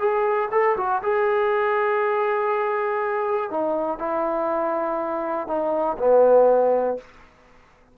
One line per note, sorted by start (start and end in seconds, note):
0.00 0.50 G#4
0.52 0.77 A4
0.78 1.02 F#4
1.03 3.51 G#4
3.51 3.99 D#4
3.99 5.48 E4
5.48 5.98 D#4
5.99 6.98 B3